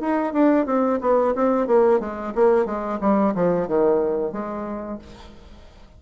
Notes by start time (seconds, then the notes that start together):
0.00 D#4
0.33 D4
0.66 C4
1.01 B3
1.35 C4
1.67 A#3
2.00 G#3
2.35 A#3
2.65 G#3
3.01 G3
3.34 F3
3.67 D#3
4.32 G#3